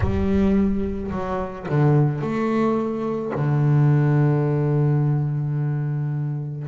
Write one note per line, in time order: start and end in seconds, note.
0.00 1.11 G3
1.11 1.66 F#3
1.69 2.21 D3
2.21 3.32 A3
3.34 6.67 D3